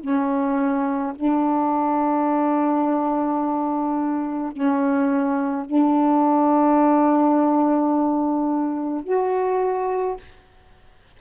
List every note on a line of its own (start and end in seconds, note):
0.00 1.13 C#4
1.15 4.52 D4
4.52 5.66 C#4
5.66 9.03 D4
9.03 10.16 F#4